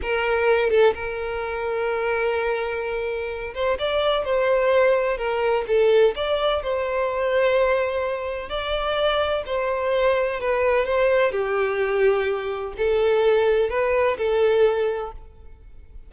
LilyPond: \new Staff \with { instrumentName = "violin" } { \time 4/4 \tempo 4 = 127 ais'4. a'8 ais'2~ | ais'2.~ ais'8 c''8 | d''4 c''2 ais'4 | a'4 d''4 c''2~ |
c''2 d''2 | c''2 b'4 c''4 | g'2. a'4~ | a'4 b'4 a'2 | }